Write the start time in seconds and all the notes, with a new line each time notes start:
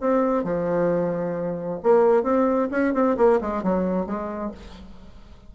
0.00 C4
0.43 F3
1.82 A#3
2.23 C4
2.70 C#4
2.93 C4
3.17 A#3
3.40 G#3
3.63 F#3
4.06 G#3